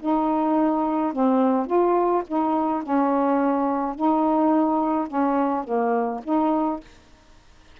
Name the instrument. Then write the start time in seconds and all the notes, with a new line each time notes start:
saxophone
0.00 D#4
1.13 C4
1.66 F4
2.27 D#4
2.83 C#4
3.95 D#4
5.07 C#4
5.64 A#3
6.24 D#4